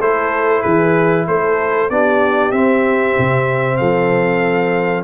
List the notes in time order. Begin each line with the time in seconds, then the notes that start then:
0.00 A3 E4 A4 C5
0.61 E3 G#4 B4
1.28 A3 A4 C5
1.90 B3 D4 G4 D5
2.52 C4 E5
3.18 C3
3.77 F3 A4 F5